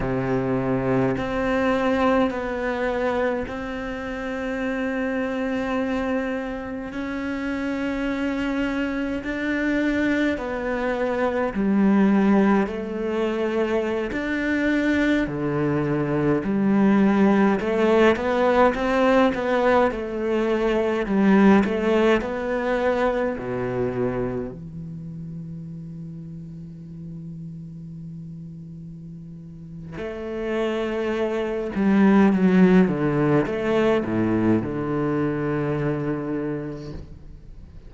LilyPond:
\new Staff \with { instrumentName = "cello" } { \time 4/4 \tempo 4 = 52 c4 c'4 b4 c'4~ | c'2 cis'2 | d'4 b4 g4 a4~ | a16 d'4 d4 g4 a8 b16~ |
b16 c'8 b8 a4 g8 a8 b8.~ | b16 b,4 e2~ e8.~ | e2 a4. g8 | fis8 d8 a8 a,8 d2 | }